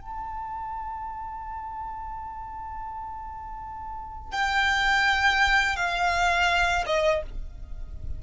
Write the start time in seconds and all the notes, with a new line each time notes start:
0.00 A5
4.31 G5
5.76 F5
6.86 D#5